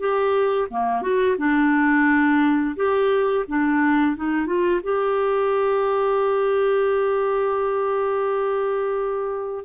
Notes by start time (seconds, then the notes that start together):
0.00 G4
0.71 A#3
1.02 F#4
1.38 D4
2.76 G4
3.48 D4
4.17 D#4
4.47 F4
4.84 G4